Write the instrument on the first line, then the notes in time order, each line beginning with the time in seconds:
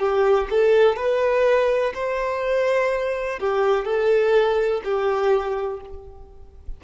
violin
0.00 G4
0.51 A4
0.97 B4
1.94 C5
3.40 G4
3.85 A4
4.84 G4